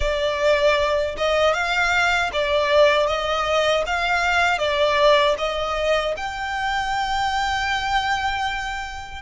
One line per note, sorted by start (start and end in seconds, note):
0.00 1.15 D5
1.17 1.53 D#5
1.53 2.30 F5
2.33 3.06 D5
3.06 3.83 D#5
3.86 4.58 F5
4.58 5.35 D5
5.38 6.15 D#5
6.16 9.22 G5